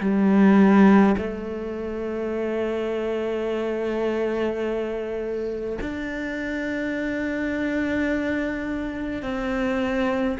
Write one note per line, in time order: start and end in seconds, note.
0.00 1.15 G3
1.17 5.78 A3
5.81 9.22 D4
9.22 10.37 C4